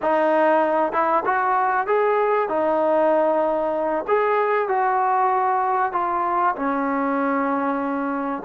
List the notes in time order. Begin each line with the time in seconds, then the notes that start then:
0.02 D#4
0.92 E4
1.25 F#4
1.86 G#4
2.49 D#4
4.07 G#4
4.68 F#4
5.92 F4
6.55 C#4